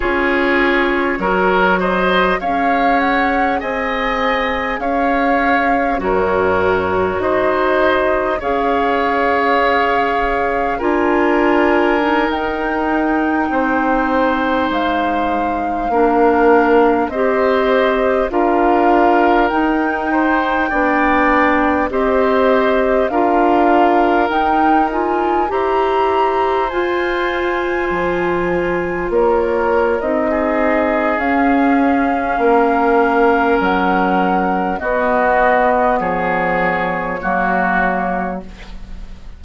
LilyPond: <<
  \new Staff \with { instrumentName = "flute" } { \time 4/4 \tempo 4 = 50 cis''4. dis''8 f''8 fis''8 gis''4 | f''4 cis''4 dis''4 f''4~ | f''4 gis''4~ gis''16 g''4.~ g''16~ | g''16 f''2 dis''4 f''8.~ |
f''16 g''2 dis''4 f''8.~ | f''16 g''8 gis''8 ais''4 gis''4.~ gis''16~ | gis''16 cis''8. dis''4 f''2 | fis''4 dis''4 cis''2 | }
  \new Staff \with { instrumentName = "oboe" } { \time 4/4 gis'4 ais'8 c''8 cis''4 dis''4 | cis''4 ais'4 c''4 cis''4~ | cis''4 ais'2~ ais'16 c''8.~ | c''4~ c''16 ais'4 c''4 ais'8.~ |
ais'8. c''8 d''4 c''4 ais'8.~ | ais'4~ ais'16 c''2~ c''8.~ | c''16 ais'4 gis'4.~ gis'16 ais'4~ | ais'4 fis'4 gis'4 fis'4 | }
  \new Staff \with { instrumentName = "clarinet" } { \time 4/4 f'4 fis'4 gis'2~ | gis'4 fis'2 gis'4~ | gis'4 f'4 dis'2~ | dis'4~ dis'16 d'4 g'4 f'8.~ |
f'16 dis'4 d'4 g'4 f'8.~ | f'16 dis'8 f'8 g'4 f'4.~ f'16~ | f'4 dis'4 cis'2~ | cis'4 b2 ais4 | }
  \new Staff \with { instrumentName = "bassoon" } { \time 4/4 cis'4 fis4 cis'4 c'4 | cis'4 fis,4 dis'4 cis'4~ | cis'4 d'4~ d'16 dis'4 c'8.~ | c'16 gis4 ais4 c'4 d'8.~ |
d'16 dis'4 b4 c'4 d'8.~ | d'16 dis'4 e'4 f'4 f8.~ | f16 ais8. c'4 cis'4 ais4 | fis4 b4 f4 fis4 | }
>>